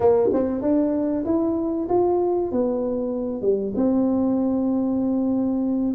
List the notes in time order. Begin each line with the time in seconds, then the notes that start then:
0.00 A#3
0.33 C4
0.61 D4
1.25 E4
1.89 F4
2.51 B3
3.41 G3
3.75 C4